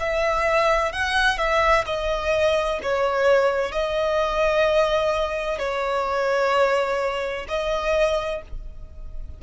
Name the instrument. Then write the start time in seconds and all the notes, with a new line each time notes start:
violin
0.00 E5
0.92 F#5
1.38 E5
1.86 D#5
2.83 C#5
3.72 D#5
5.59 C#5
7.48 D#5